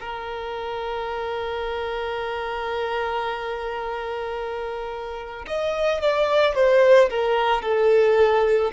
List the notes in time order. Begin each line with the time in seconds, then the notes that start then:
0.00 A#4
5.47 D#5
6.01 D5
6.55 C5
7.10 A#4
7.62 A4